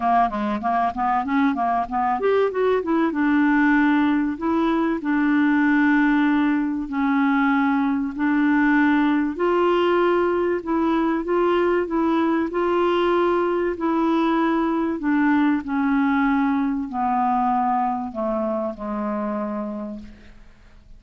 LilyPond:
\new Staff \with { instrumentName = "clarinet" } { \time 4/4 \tempo 4 = 96 ais8 gis8 ais8 b8 cis'8 ais8 b8 g'8 | fis'8 e'8 d'2 e'4 | d'2. cis'4~ | cis'4 d'2 f'4~ |
f'4 e'4 f'4 e'4 | f'2 e'2 | d'4 cis'2 b4~ | b4 a4 gis2 | }